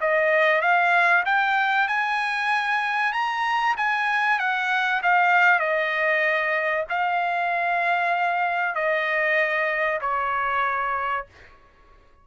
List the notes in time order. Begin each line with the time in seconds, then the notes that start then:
0.00 D#5
0.61 F5
1.25 G5
1.88 G#5
3.12 A#5
3.76 G#5
4.38 F#5
5.02 F5
5.59 D#5
6.89 F5
8.74 D#5
10.01 C#5